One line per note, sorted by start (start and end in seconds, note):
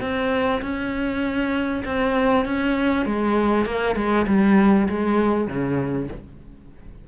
0.00 0.61 C4
0.61 1.83 C#4
1.85 2.45 C4
2.45 3.05 C#4
3.05 3.65 G#3
3.65 3.95 A#3
3.95 4.26 G#3
4.27 4.88 G3
4.89 5.47 G#3
5.47 6.08 C#3